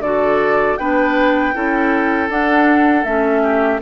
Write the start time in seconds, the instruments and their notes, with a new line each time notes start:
0.00 bassoon D3, clarinet F#4, oboe A4, flute D5
0.77 bassoon B3, clarinet D4, oboe B4, flute G5
1.54 bassoon C#4, clarinet E4, oboe A4
2.29 clarinet D4, bassoon D4, flute F#5
3.04 bassoon A3, clarinet C#4, flute E5
3.43 oboe G4